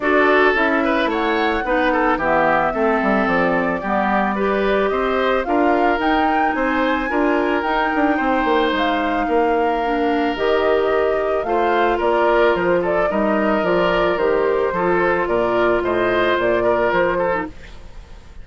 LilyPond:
<<
  \new Staff \with { instrumentName = "flute" } { \time 4/4 \tempo 4 = 110 d''4 e''4 fis''2 | e''2 d''2~ | d''4 dis''4 f''4 g''4 | gis''2 g''2 |
f''2. dis''4~ | dis''4 f''4 d''4 c''8 d''8 | dis''4 d''4 c''2 | d''4 dis''4 d''4 c''4 | }
  \new Staff \with { instrumentName = "oboe" } { \time 4/4 a'4. b'8 cis''4 b'8 a'8 | g'4 a'2 g'4 | b'4 c''4 ais'2 | c''4 ais'2 c''4~ |
c''4 ais'2.~ | ais'4 c''4 ais'4. a'8 | ais'2. a'4 | ais'4 c''4. ais'4 a'8 | }
  \new Staff \with { instrumentName = "clarinet" } { \time 4/4 fis'4 e'2 dis'4 | b4 c'2 b4 | g'2 f'4 dis'4~ | dis'4 f'4 dis'2~ |
dis'2 d'4 g'4~ | g'4 f'2. | dis'4 f'4 g'4 f'4~ | f'2.~ f'8. dis'16 | }
  \new Staff \with { instrumentName = "bassoon" } { \time 4/4 d'4 cis'4 a4 b4 | e4 a8 g8 f4 g4~ | g4 c'4 d'4 dis'4 | c'4 d'4 dis'8 d'8 c'8 ais8 |
gis4 ais2 dis4~ | dis4 a4 ais4 f4 | g4 f4 dis4 f4 | ais,4 a,4 ais,4 f4 | }
>>